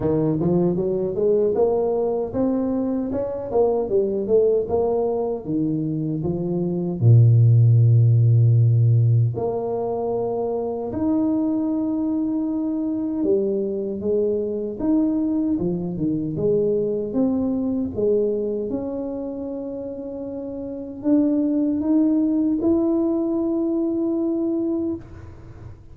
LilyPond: \new Staff \with { instrumentName = "tuba" } { \time 4/4 \tempo 4 = 77 dis8 f8 fis8 gis8 ais4 c'4 | cis'8 ais8 g8 a8 ais4 dis4 | f4 ais,2. | ais2 dis'2~ |
dis'4 g4 gis4 dis'4 | f8 dis8 gis4 c'4 gis4 | cis'2. d'4 | dis'4 e'2. | }